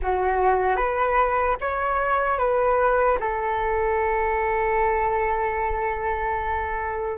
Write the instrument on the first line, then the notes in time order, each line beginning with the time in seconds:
flute
0.02 F#4
0.76 B4
1.60 C#5
2.38 B4
3.20 A4